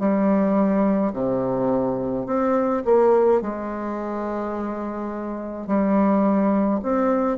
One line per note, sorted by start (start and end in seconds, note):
0.00 1.13 G3
1.13 2.26 C3
2.27 2.84 C4
2.86 3.42 A#3
3.42 5.68 G#3
5.68 6.81 G3
6.83 7.38 C4